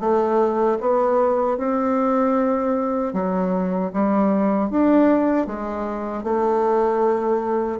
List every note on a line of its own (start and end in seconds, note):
0.00 0.78 A3
0.81 1.58 B3
1.58 3.13 C4
3.13 3.91 F#3
3.94 4.70 G3
4.70 5.47 D4
5.47 6.24 G#3
6.24 7.80 A3